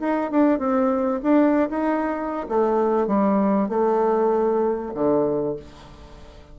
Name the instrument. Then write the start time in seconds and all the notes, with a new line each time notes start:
bassoon
0.00 D#4
0.30 D4
0.59 C4
1.23 D4
1.69 D#4
2.49 A3
3.07 G3
3.69 A3
4.94 D3